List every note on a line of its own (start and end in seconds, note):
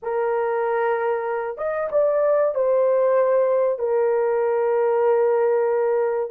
0.02 1.57 A#4
1.57 1.89 D#5
1.91 2.54 D5
2.54 3.79 C5
3.79 6.30 A#4